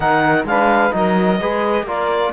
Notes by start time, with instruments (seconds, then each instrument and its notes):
0.00 cello D#3, trombone D#4, saxophone A#4, clarinet F#5
0.44 cello G#3, trombone D4, saxophone B4, clarinet F5
0.90 cello F#3, trombone D#4, saxophone A#4, clarinet D#5
1.39 cello G#3, trombone G#4, saxophone B4
1.82 cello A#3, trombone F4, saxophone A#4, clarinet D5